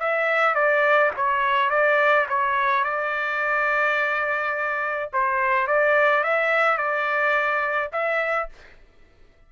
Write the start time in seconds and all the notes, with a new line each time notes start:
0.00 E5
0.55 D5
1.17 C#5
1.71 D5
2.29 C#5
2.85 D5
5.13 C5
5.67 D5
6.24 E5
6.78 D5
7.93 E5